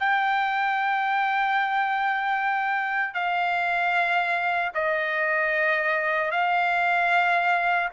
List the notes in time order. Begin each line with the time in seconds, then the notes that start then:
0.00 G5
3.14 F5
4.75 D#5
6.32 F5